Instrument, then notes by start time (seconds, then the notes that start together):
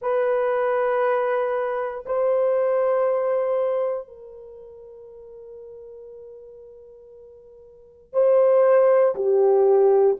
horn
0.01 B4
2.05 C5
4.07 A#4
8.13 C5
9.15 G4